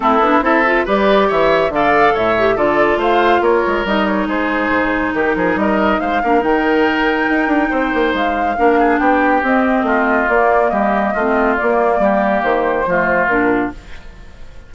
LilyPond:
<<
  \new Staff \with { instrumentName = "flute" } { \time 4/4 \tempo 4 = 140 a'4 e''4 d''4 e''4 | f''4 e''4 d''4 f''4 | cis''4 dis''8 cis''8 c''2 | ais'4 dis''4 f''4 g''4~ |
g''2. f''4~ | f''4 g''4 dis''2 | d''4 dis''2 d''4~ | d''4 c''2 ais'4 | }
  \new Staff \with { instrumentName = "oboe" } { \time 4/4 e'4 a'4 b'4 cis''4 | d''4 cis''4 a'4 c''4 | ais'2 gis'2 | g'8 gis'8 ais'4 c''8 ais'4.~ |
ais'2 c''2 | ais'8 gis'8 g'2 f'4~ | f'4 g'4 f'2 | g'2 f'2 | }
  \new Staff \with { instrumentName = "clarinet" } { \time 4/4 c'8 d'8 e'8 f'8 g'2 | a'4. g'8 f'2~ | f'4 dis'2.~ | dis'2~ dis'8 d'8 dis'4~ |
dis'1 | d'2 c'2 | ais2 c'4 ais4~ | ais2 a4 d'4 | }
  \new Staff \with { instrumentName = "bassoon" } { \time 4/4 a8 b8 c'4 g4 e4 | d4 a,4 d4 a4 | ais8 gis8 g4 gis4 gis,4 | dis8 f8 g4 gis8 ais8 dis4~ |
dis4 dis'8 d'8 c'8 ais8 gis4 | ais4 b4 c'4 a4 | ais4 g4 a4 ais4 | g4 dis4 f4 ais,4 | }
>>